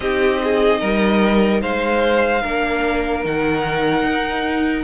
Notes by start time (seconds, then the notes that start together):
0.00 C4 D#4 G4 D#5
0.43 G#4
0.80 G3 A#4
1.61 G#3 C5 F5
2.42 A#3 D4 A#4
3.23 D#3 D#4 F#5
4.03 D#4